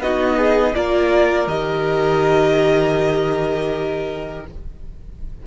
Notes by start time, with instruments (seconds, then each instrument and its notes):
0.00 cello B3, viola D#4, violin F#4 D#5
0.37 violin G#4
0.74 cello A#3, viola F4, violin A#4 D5
1.47 cello D#3, viola G4, violin D#5